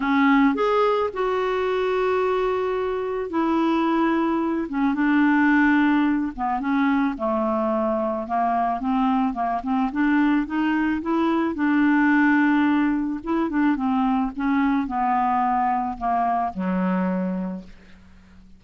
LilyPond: \new Staff \with { instrumentName = "clarinet" } { \time 4/4 \tempo 4 = 109 cis'4 gis'4 fis'2~ | fis'2 e'2~ | e'8 cis'8 d'2~ d'8 b8 | cis'4 a2 ais4 |
c'4 ais8 c'8 d'4 dis'4 | e'4 d'2. | e'8 d'8 c'4 cis'4 b4~ | b4 ais4 fis2 | }